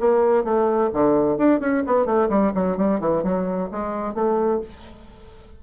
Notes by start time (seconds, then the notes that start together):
0.00 A#3
0.44 A3
0.93 D3
1.37 D4
1.60 C#4
1.86 B3
2.05 A3
2.29 G3
2.54 F#3
2.77 G3
3.00 E3
3.23 F#3
3.71 G#3
4.14 A3